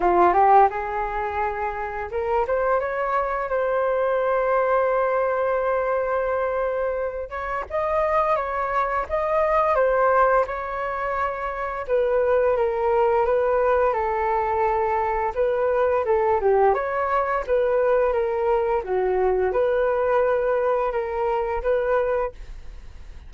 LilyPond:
\new Staff \with { instrumentName = "flute" } { \time 4/4 \tempo 4 = 86 f'8 g'8 gis'2 ais'8 c''8 | cis''4 c''2.~ | c''2~ c''8 cis''8 dis''4 | cis''4 dis''4 c''4 cis''4~ |
cis''4 b'4 ais'4 b'4 | a'2 b'4 a'8 g'8 | cis''4 b'4 ais'4 fis'4 | b'2 ais'4 b'4 | }